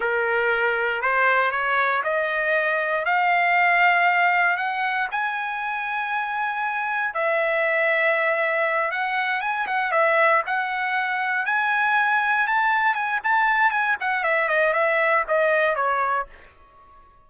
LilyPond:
\new Staff \with { instrumentName = "trumpet" } { \time 4/4 \tempo 4 = 118 ais'2 c''4 cis''4 | dis''2 f''2~ | f''4 fis''4 gis''2~ | gis''2 e''2~ |
e''4. fis''4 gis''8 fis''8 e''8~ | e''8 fis''2 gis''4.~ | gis''8 a''4 gis''8 a''4 gis''8 fis''8 | e''8 dis''8 e''4 dis''4 cis''4 | }